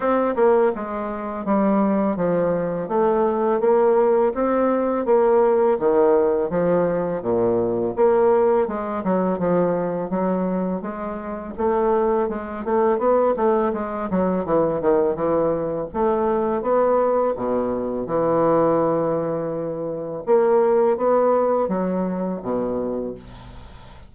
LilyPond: \new Staff \with { instrumentName = "bassoon" } { \time 4/4 \tempo 4 = 83 c'8 ais8 gis4 g4 f4 | a4 ais4 c'4 ais4 | dis4 f4 ais,4 ais4 | gis8 fis8 f4 fis4 gis4 |
a4 gis8 a8 b8 a8 gis8 fis8 | e8 dis8 e4 a4 b4 | b,4 e2. | ais4 b4 fis4 b,4 | }